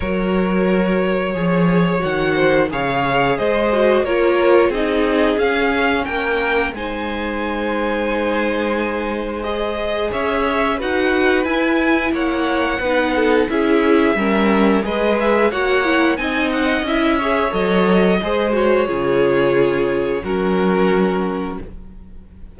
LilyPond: <<
  \new Staff \with { instrumentName = "violin" } { \time 4/4 \tempo 4 = 89 cis''2. fis''4 | f''4 dis''4 cis''4 dis''4 | f''4 g''4 gis''2~ | gis''2 dis''4 e''4 |
fis''4 gis''4 fis''2 | e''2 dis''8 e''8 fis''4 | gis''8 fis''8 e''4 dis''4. cis''8~ | cis''2 ais'2 | }
  \new Staff \with { instrumentName = "violin" } { \time 4/4 ais'2 cis''4. c''8 | cis''4 c''4 ais'4 gis'4~ | gis'4 ais'4 c''2~ | c''2. cis''4 |
b'2 cis''4 b'8 a'8 | gis'4 ais'4 b'4 cis''4 | dis''4. cis''4. c''4 | gis'2 fis'2 | }
  \new Staff \with { instrumentName = "viola" } { \time 4/4 fis'2 gis'4 fis'4 | gis'4. fis'8 f'4 dis'4 | cis'2 dis'2~ | dis'2 gis'2 |
fis'4 e'2 dis'4 | e'4 cis'4 gis'4 fis'8 e'8 | dis'4 e'8 gis'8 a'4 gis'8 fis'8 | f'2 cis'2 | }
  \new Staff \with { instrumentName = "cello" } { \time 4/4 fis2 f4 dis4 | cis4 gis4 ais4 c'4 | cis'4 ais4 gis2~ | gis2. cis'4 |
dis'4 e'4 ais4 b4 | cis'4 g4 gis4 ais4 | c'4 cis'4 fis4 gis4 | cis2 fis2 | }
>>